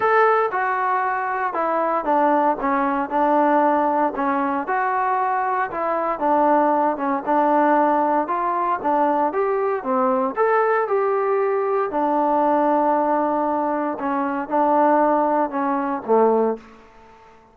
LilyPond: \new Staff \with { instrumentName = "trombone" } { \time 4/4 \tempo 4 = 116 a'4 fis'2 e'4 | d'4 cis'4 d'2 | cis'4 fis'2 e'4 | d'4. cis'8 d'2 |
f'4 d'4 g'4 c'4 | a'4 g'2 d'4~ | d'2. cis'4 | d'2 cis'4 a4 | }